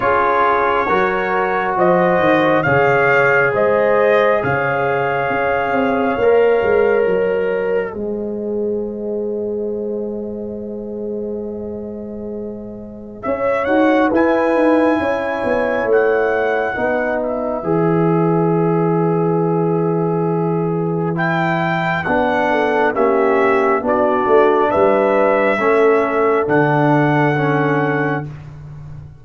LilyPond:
<<
  \new Staff \with { instrumentName = "trumpet" } { \time 4/4 \tempo 4 = 68 cis''2 dis''4 f''4 | dis''4 f''2. | dis''1~ | dis''2. e''8 fis''8 |
gis''2 fis''4. e''8~ | e''1 | g''4 fis''4 e''4 d''4 | e''2 fis''2 | }
  \new Staff \with { instrumentName = "horn" } { \time 4/4 gis'4 ais'4 c''4 cis''4 | c''4 cis''2.~ | cis''4 c''2.~ | c''2. cis''4 |
b'4 cis''2 b'4~ | b'1~ | b'4. a'8 g'4 fis'4 | b'4 a'2. | }
  \new Staff \with { instrumentName = "trombone" } { \time 4/4 f'4 fis'2 gis'4~ | gis'2. ais'4~ | ais'4 gis'2.~ | gis'2.~ gis'8 fis'8 |
e'2. dis'4 | gis'1 | e'4 d'4 cis'4 d'4~ | d'4 cis'4 d'4 cis'4 | }
  \new Staff \with { instrumentName = "tuba" } { \time 4/4 cis'4 fis4 f8 dis8 cis4 | gis4 cis4 cis'8 c'8 ais8 gis8 | fis4 gis2.~ | gis2. cis'8 dis'8 |
e'8 dis'8 cis'8 b8 a4 b4 | e1~ | e4 b4 ais4 b8 a8 | g4 a4 d2 | }
>>